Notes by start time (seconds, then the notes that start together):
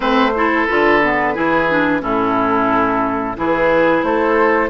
0.00 A3 C4 B4 C5
0.35 E4 A4
0.66 D3 F4 B4
1.03 B3
1.34 E3 E4 G#4
1.69 D4
2.00 A2 C#4 E4 A4
3.36 E3 E4 G#4 B4
4.03 A3 A4 C5